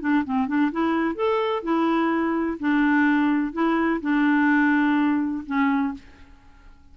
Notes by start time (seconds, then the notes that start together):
0.00 D4
0.24 C4
0.47 D4
0.71 E4
1.15 A4
1.63 E4
2.59 D4
3.53 E4
4.01 D4
5.46 C#4